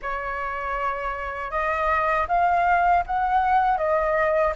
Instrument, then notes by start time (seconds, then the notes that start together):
flute
0.02 C#5
1.51 D#5
2.28 F5
3.06 F#5
3.77 D#5